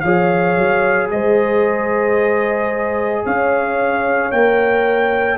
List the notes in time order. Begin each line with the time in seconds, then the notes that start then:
0.00 F3 G#4 C#5 F5
0.57 F#3
1.10 G#3 C5 D#5
3.25 C#4 C#5 F5
4.31 A#3 A#4 G5